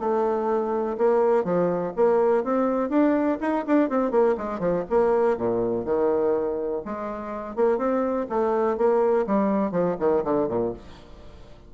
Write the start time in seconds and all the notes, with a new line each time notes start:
0.00 A3
0.98 A#3
1.44 F3
1.96 A#3
2.44 C4
2.90 D4
3.41 D#4
3.67 D4
3.90 C4
4.11 A#3
4.38 G#3
4.60 F3
4.90 A#3
5.38 A#2
5.85 D#3
6.85 G#3
7.56 A#3
7.78 C4
8.30 A3
8.78 A#3
9.27 G3
9.72 F3
10.00 D#3
10.25 D3
10.49 A#2